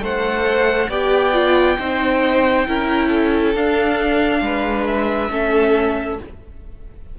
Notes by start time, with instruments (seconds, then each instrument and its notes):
0.00 cello A3, viola A4, violin C5 F#5
0.89 cello B3, viola G4, violin D5 G5
1.33 viola F4
1.79 cello C4, viola D#4, violin C5
2.67 cello C#4, viola E4, violin A#4
3.09 violin A4
3.55 cello D4, viola D4, violin F5
4.41 cello G#3, violin B4
4.87 violin E5
5.30 cello A3, viola C#4, violin A4